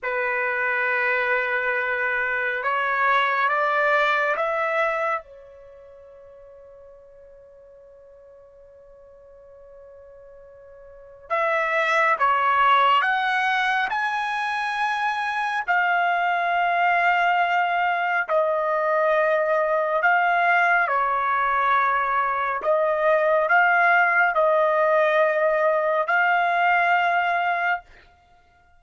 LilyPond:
\new Staff \with { instrumentName = "trumpet" } { \time 4/4 \tempo 4 = 69 b'2. cis''4 | d''4 e''4 cis''2~ | cis''1~ | cis''4 e''4 cis''4 fis''4 |
gis''2 f''2~ | f''4 dis''2 f''4 | cis''2 dis''4 f''4 | dis''2 f''2 | }